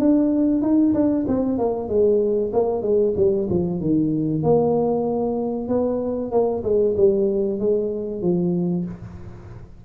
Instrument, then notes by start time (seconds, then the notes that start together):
tuba
0.00 D4
0.62 D#4
0.94 D4
1.28 C4
1.59 A#3
1.89 G#3
2.53 A#3
2.83 G#3
3.17 G3
3.50 F3
3.81 D#3
4.43 A#3
5.69 B3
6.32 A#3
6.64 G#3
6.97 G3
7.60 G#3
8.22 F3